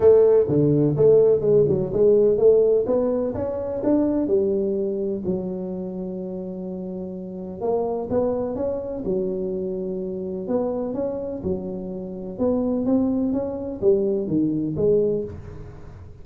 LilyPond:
\new Staff \with { instrumentName = "tuba" } { \time 4/4 \tempo 4 = 126 a4 d4 a4 gis8 fis8 | gis4 a4 b4 cis'4 | d'4 g2 fis4~ | fis1 |
ais4 b4 cis'4 fis4~ | fis2 b4 cis'4 | fis2 b4 c'4 | cis'4 g4 dis4 gis4 | }